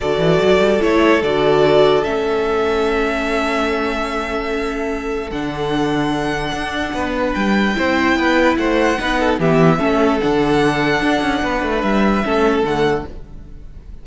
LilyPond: <<
  \new Staff \with { instrumentName = "violin" } { \time 4/4 \tempo 4 = 147 d''2 cis''4 d''4~ | d''4 e''2.~ | e''1~ | e''4 fis''2.~ |
fis''2 g''2~ | g''4 fis''2 e''4~ | e''4 fis''2.~ | fis''4 e''2 fis''4 | }
  \new Staff \with { instrumentName = "violin" } { \time 4/4 a'1~ | a'1~ | a'1~ | a'1~ |
a'4 b'2 c''4 | b'4 c''4 b'8 a'8 g'4 | a'1 | b'2 a'2 | }
  \new Staff \with { instrumentName = "viola" } { \time 4/4 fis'2 e'4 fis'4~ | fis'4 cis'2.~ | cis'1~ | cis'4 d'2.~ |
d'2. e'4~ | e'2 dis'4 b4 | cis'4 d'2.~ | d'2 cis'4 a4 | }
  \new Staff \with { instrumentName = "cello" } { \time 4/4 d8 e8 fis8 g8 a4 d4~ | d4 a2.~ | a1~ | a4 d2. |
d'4 b4 g4 c'4 | b4 a4 b4 e4 | a4 d2 d'8 cis'8 | b8 a8 g4 a4 d4 | }
>>